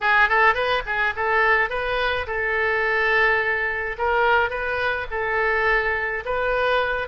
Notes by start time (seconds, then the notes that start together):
0.00 G#4
0.28 A4
0.54 B4
0.85 G#4
1.16 A4
1.69 B4
2.26 A4
3.98 A#4
4.49 B4
5.10 A4
6.25 B4